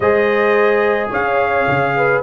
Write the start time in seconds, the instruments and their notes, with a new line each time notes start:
0.00 tuba G#3, trombone G#4, horn C5, trumpet D#5
1.09 tuba C#4, horn C#5, trumpet F5
1.67 tuba C#3
1.96 horn B4